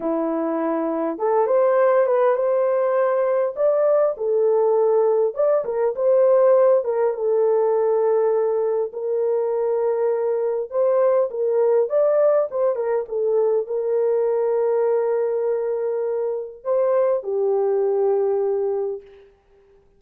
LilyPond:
\new Staff \with { instrumentName = "horn" } { \time 4/4 \tempo 4 = 101 e'2 a'8 c''4 b'8 | c''2 d''4 a'4~ | a'4 d''8 ais'8 c''4. ais'8 | a'2. ais'4~ |
ais'2 c''4 ais'4 | d''4 c''8 ais'8 a'4 ais'4~ | ais'1 | c''4 g'2. | }